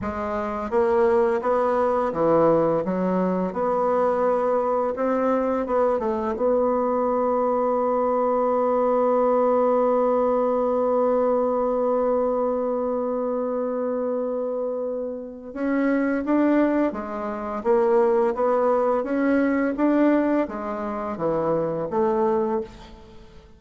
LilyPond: \new Staff \with { instrumentName = "bassoon" } { \time 4/4 \tempo 4 = 85 gis4 ais4 b4 e4 | fis4 b2 c'4 | b8 a8 b2.~ | b1~ |
b1~ | b2 cis'4 d'4 | gis4 ais4 b4 cis'4 | d'4 gis4 e4 a4 | }